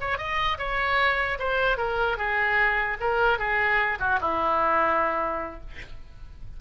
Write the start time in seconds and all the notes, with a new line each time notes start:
0.00 C#5
0.18 D#5
0.58 C#5
1.39 C5
1.77 A#4
2.17 G#4
3.00 A#4
3.38 G#4
3.99 F#4
4.20 E4